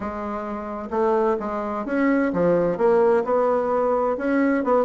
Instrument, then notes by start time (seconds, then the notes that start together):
bassoon
0.00 G#3
0.90 A3
1.39 G#3
1.85 C#4
2.33 F3
2.77 A#3
3.24 B3
4.17 C#4
4.64 B3